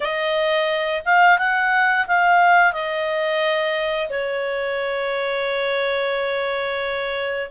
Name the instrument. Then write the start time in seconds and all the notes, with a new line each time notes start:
clarinet
0.00 D#5
1.05 F5
1.38 F#5
2.07 F5
2.73 D#5
4.09 C#5